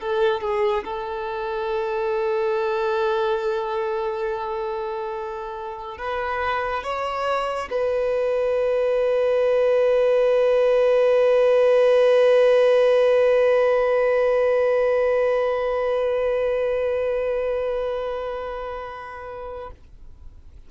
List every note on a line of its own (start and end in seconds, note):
0.00 0.41 A4
0.41 0.84 G#4
0.84 5.98 A4
5.98 6.83 B4
6.83 7.69 C#5
7.70 19.70 B4